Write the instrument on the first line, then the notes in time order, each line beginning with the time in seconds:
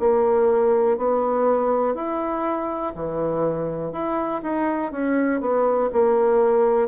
bassoon
0.00 A#3
0.97 B3
1.95 E4
2.95 E3
3.92 E4
4.43 D#4
4.92 C#4
5.41 B3
5.93 A#3